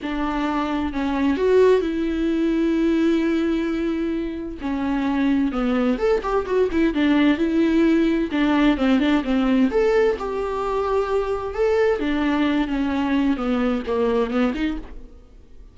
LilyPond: \new Staff \with { instrumentName = "viola" } { \time 4/4 \tempo 4 = 130 d'2 cis'4 fis'4 | e'1~ | e'2 cis'2 | b4 a'8 g'8 fis'8 e'8 d'4 |
e'2 d'4 c'8 d'8 | c'4 a'4 g'2~ | g'4 a'4 d'4. cis'8~ | cis'4 b4 ais4 b8 dis'8 | }